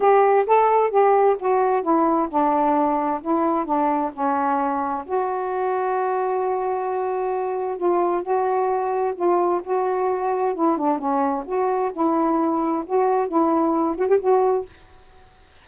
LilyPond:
\new Staff \with { instrumentName = "saxophone" } { \time 4/4 \tempo 4 = 131 g'4 a'4 g'4 fis'4 | e'4 d'2 e'4 | d'4 cis'2 fis'4~ | fis'1~ |
fis'4 f'4 fis'2 | f'4 fis'2 e'8 d'8 | cis'4 fis'4 e'2 | fis'4 e'4. fis'16 g'16 fis'4 | }